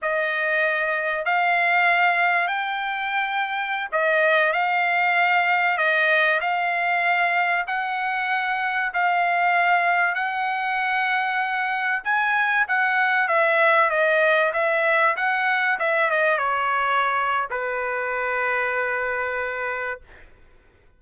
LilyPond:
\new Staff \with { instrumentName = "trumpet" } { \time 4/4 \tempo 4 = 96 dis''2 f''2 | g''2~ g''16 dis''4 f''8.~ | f''4~ f''16 dis''4 f''4.~ f''16~ | f''16 fis''2 f''4.~ f''16~ |
f''16 fis''2. gis''8.~ | gis''16 fis''4 e''4 dis''4 e''8.~ | e''16 fis''4 e''8 dis''8 cis''4.~ cis''16 | b'1 | }